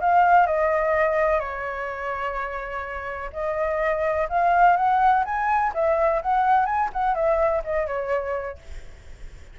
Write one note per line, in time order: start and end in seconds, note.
0.00 0.46 F5
0.46 1.40 D#5
1.40 3.30 C#5
3.33 4.28 D#5
4.29 4.76 F5
4.76 5.24 F#5
5.25 5.72 G#5
5.74 6.22 E5
6.22 6.65 F#5
6.65 6.89 G#5
6.93 7.15 F#5
7.15 7.62 E5
7.64 7.87 D#5
7.87 8.58 C#5